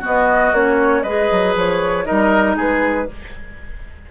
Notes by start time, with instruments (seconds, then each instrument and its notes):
0.00 clarinet B3, bassoon B3, oboe F#4, flute D#5
0.52 bassoon A#3, clarinet C#4, flute C#5
1.02 bassoon G#3, clarinet G#4, oboe B4, flute D#5
1.31 bassoon F#3
1.55 bassoon F3, flute C#5
2.04 clarinet D#4, oboe A#4, flute D#5
2.10 bassoon G3
2.56 bassoon G#3, oboe G#4, flute B4